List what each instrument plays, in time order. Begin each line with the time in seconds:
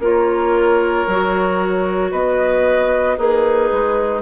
0.00 bassoon A#3, clarinet F4, oboe A#4, flute C#5
1.07 bassoon F#3, clarinet F#4
2.11 bassoon B3, oboe B4, flute D#5
3.17 bassoon A#3, oboe D#4, clarinet G#4, flute B4
3.72 bassoon G#3